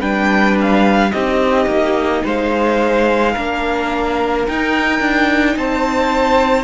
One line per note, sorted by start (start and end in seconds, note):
0.00 1.12 G3
0.00 1.12 D4
0.00 1.11 B4
0.00 0.56 G5
0.61 1.12 F5
1.12 1.66 C4
1.12 3.35 D#4
1.12 2.24 G4
1.12 2.23 D#5
1.66 2.22 A#3
2.24 3.36 G#3
2.24 3.32 C5
2.24 4.47 F5
3.32 4.48 A#3
3.32 4.48 D4
3.32 5.54 A#4
4.47 6.64 D#4
4.47 5.00 D#4
4.47 5.58 G5
5.00 5.56 D4
5.56 6.64 C4
5.56 6.64 C5
5.56 6.64 A5